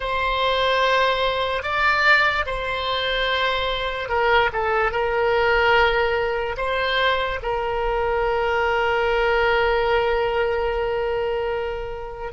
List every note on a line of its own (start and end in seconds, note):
0.00 1.63 C5
1.63 2.45 D5
2.46 4.09 C5
4.09 4.50 A#4
4.52 4.91 A4
4.91 6.55 A#4
6.57 7.39 C5
7.42 12.32 A#4